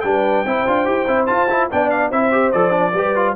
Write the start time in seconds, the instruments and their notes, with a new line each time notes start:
0.00 tuba G3, trombone D4, horn B4, trumpet G5
0.45 tuba C4, trombone E4, horn C5
0.67 tuba D4, trombone F4
0.85 tuba E4, trombone G4
1.07 tuba C4, trombone E4
1.26 trombone F4, tuba F4, trumpet A5
1.49 trombone E4
1.70 tuba B3, trombone D4, horn D5, trumpet G5
1.89 trumpet F5
2.09 tuba C4, trombone E4, horn C5, trumpet E5
2.31 trombone G4
2.51 tuba F3, trombone A4, trumpet D5
2.70 trombone D4
2.93 tuba G3, trombone G4, horn B4
3.15 trombone F4